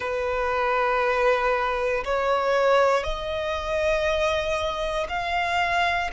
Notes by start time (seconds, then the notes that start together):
0.00 B4
2.04 C#5
3.03 D#5
5.08 F5